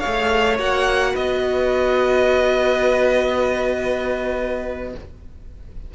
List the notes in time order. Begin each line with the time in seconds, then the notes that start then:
0.00 G#4 C#5 F5
0.06 A3
0.58 A#3 F#4 F#5
1.13 B3 B4 D#5